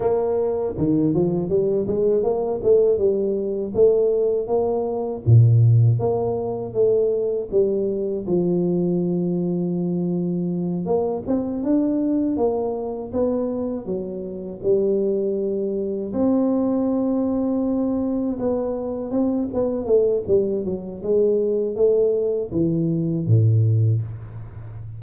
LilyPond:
\new Staff \with { instrumentName = "tuba" } { \time 4/4 \tempo 4 = 80 ais4 dis8 f8 g8 gis8 ais8 a8 | g4 a4 ais4 ais,4 | ais4 a4 g4 f4~ | f2~ f8 ais8 c'8 d'8~ |
d'8 ais4 b4 fis4 g8~ | g4. c'2~ c'8~ | c'8 b4 c'8 b8 a8 g8 fis8 | gis4 a4 e4 a,4 | }